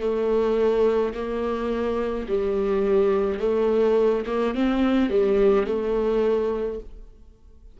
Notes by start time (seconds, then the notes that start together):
0.00 A3
1.14 A#3
2.28 G3
3.39 A3
4.26 A#3
4.54 C4
5.10 G3
5.67 A3